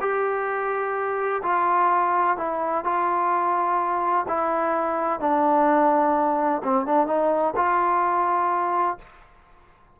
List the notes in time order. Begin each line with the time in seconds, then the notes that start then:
0.00 G4
1.42 F4
2.37 E4
2.84 F4
4.28 E4
5.20 D4
6.63 C4
6.86 D4
7.07 D#4
7.56 F4